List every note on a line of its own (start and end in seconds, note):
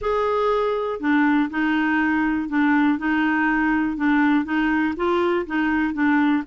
0.01 0.99 G#4
0.99 1.49 D4
1.50 2.48 D#4
2.48 2.98 D4
2.98 3.96 D#4
3.96 4.44 D4
4.44 4.94 D#4
4.96 5.45 F4
5.46 5.93 D#4
5.93 6.43 D4